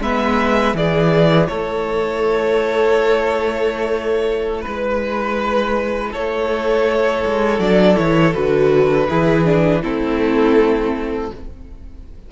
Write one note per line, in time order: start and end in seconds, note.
0.00 0.74 G#3
0.00 0.76 B3
0.00 0.76 B4
0.00 0.76 E5
0.74 1.48 E3
0.74 7.61 E4
0.74 1.49 G#4
0.74 1.47 D5
1.47 4.65 A3
1.47 4.61 A4
1.47 4.62 C#5
4.61 6.09 B4
4.61 6.13 B4
4.67 6.14 G#3
6.11 7.25 A3
6.11 9.07 A4
6.11 7.60 C#5
7.26 7.59 G#3
7.59 7.96 F#3
7.59 7.95 D4
7.59 7.97 D5
7.95 8.35 E3
7.95 8.32 E4
7.95 8.33 C#5
8.33 9.09 D3
8.33 9.07 F#4
8.33 9.82 B4
9.09 9.83 E3
9.09 9.45 E4
9.09 9.82 G#4
9.45 9.82 D4
9.82 11.31 A3
9.82 11.31 C4
9.82 11.30 E4
9.82 11.31 A4